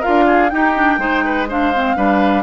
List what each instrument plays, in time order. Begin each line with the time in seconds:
0.00 clarinet F4, oboe A#4, flute F5
0.07 bassoon D4
0.26 oboe G#4
0.50 clarinet D#4, bassoon D#4, oboe G4, flute G5
0.75 clarinet D4
0.98 bassoon G#3, clarinet D#4, oboe C5
1.25 oboe B4
1.48 clarinet D4, oboe C5, flute F5
1.74 clarinet C4
1.96 bassoon G3, clarinet D4, oboe B4